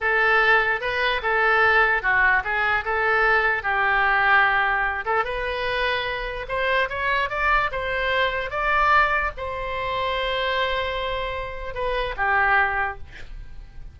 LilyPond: \new Staff \with { instrumentName = "oboe" } { \time 4/4 \tempo 4 = 148 a'2 b'4 a'4~ | a'4 fis'4 gis'4 a'4~ | a'4 g'2.~ | g'8 a'8 b'2. |
c''4 cis''4 d''4 c''4~ | c''4 d''2 c''4~ | c''1~ | c''4 b'4 g'2 | }